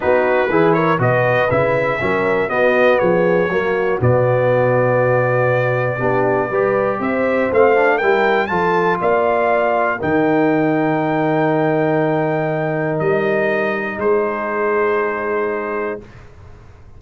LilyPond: <<
  \new Staff \with { instrumentName = "trumpet" } { \time 4/4 \tempo 4 = 120 b'4. cis''8 dis''4 e''4~ | e''4 dis''4 cis''2 | d''1~ | d''2 e''4 f''4 |
g''4 a''4 f''2 | g''1~ | g''2 dis''2 | c''1 | }
  \new Staff \with { instrumentName = "horn" } { \time 4/4 fis'4 gis'8 ais'8 b'2 | ais'4 fis'4 gis'4 fis'4~ | fis'1 | g'4 b'4 c''2 |
ais'4 a'4 d''2 | ais'1~ | ais'1 | gis'1 | }
  \new Staff \with { instrumentName = "trombone" } { \time 4/4 dis'4 e'4 fis'4 e'4 | cis'4 b2 ais4 | b1 | d'4 g'2 c'8 d'8 |
e'4 f'2. | dis'1~ | dis'1~ | dis'1 | }
  \new Staff \with { instrumentName = "tuba" } { \time 4/4 b4 e4 b,4 cis4 | fis4 b4 f4 fis4 | b,1 | b4 g4 c'4 a4 |
g4 f4 ais2 | dis1~ | dis2 g2 | gis1 | }
>>